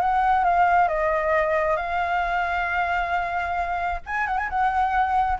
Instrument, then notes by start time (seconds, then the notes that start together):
flute
0.00 F#5
0.44 F5
0.88 D#5
1.76 F5
4.06 G#5
4.27 F#5
4.38 G#5
4.49 F#5